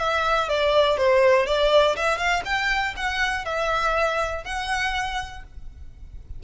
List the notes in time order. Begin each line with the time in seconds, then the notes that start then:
0.00 E5
0.49 D5
0.98 C5
1.47 D5
1.97 E5
2.18 F5
2.45 G5
2.97 F#5
3.45 E5
4.44 F#5